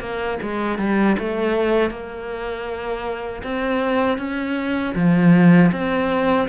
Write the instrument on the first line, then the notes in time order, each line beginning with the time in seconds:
cello
0.00 A#3
0.42 G#3
0.78 G3
1.19 A3
1.90 A#3
3.43 C4
4.18 C#4
4.95 F3
5.72 C4